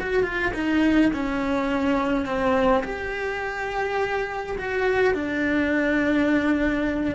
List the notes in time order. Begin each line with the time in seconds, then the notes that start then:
0.00 F#4
0.24 F4
0.54 D#4
1.14 C#4
2.26 C4
2.84 G4
4.58 F#4
5.14 D4